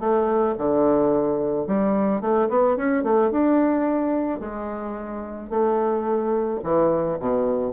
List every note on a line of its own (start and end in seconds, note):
0.00 0.55 A3
0.59 1.67 D3
1.67 2.21 G3
2.21 2.49 A3
2.49 2.77 B3
2.77 3.04 C#4
3.04 3.31 A3
3.31 4.40 D4
4.40 5.50 G#3
5.50 6.60 A3
6.64 7.19 E3
7.20 7.73 B2